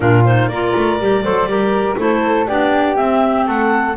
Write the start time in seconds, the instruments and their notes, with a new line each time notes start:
0.00 double bass A#2, clarinet D4 A#4, flute F4
0.25 clarinet D#4 C5
0.48 double bass A#3, clarinet F4 D5, flute A#4
0.75 double bass A3
0.99 double bass G3, clarinet G4
1.24 double bass F#3, clarinet A4, flute C5
1.45 double bass G3, clarinet G4, flute A#4
1.96 double bass A3, clarinet E4 C5, flute A4
2.47 double bass B3, clarinet D4 D5, flute G4
2.96 clarinet C4 E5, double bass C4
3.46 double bass A3, flute A4, clarinet F#5